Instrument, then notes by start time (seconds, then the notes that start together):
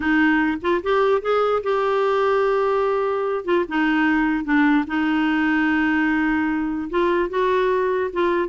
clarinet
0.00 D#4
0.61 F4
0.83 G4
1.21 G#4
1.63 G4
3.45 F4
3.68 D#4
4.44 D4
4.87 D#4
6.89 F4
7.29 F#4
8.12 F4